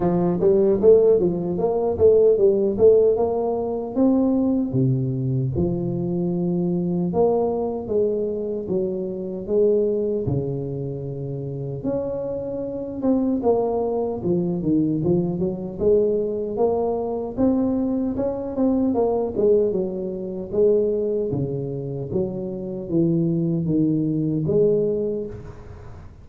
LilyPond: \new Staff \with { instrumentName = "tuba" } { \time 4/4 \tempo 4 = 76 f8 g8 a8 f8 ais8 a8 g8 a8 | ais4 c'4 c4 f4~ | f4 ais4 gis4 fis4 | gis4 cis2 cis'4~ |
cis'8 c'8 ais4 f8 dis8 f8 fis8 | gis4 ais4 c'4 cis'8 c'8 | ais8 gis8 fis4 gis4 cis4 | fis4 e4 dis4 gis4 | }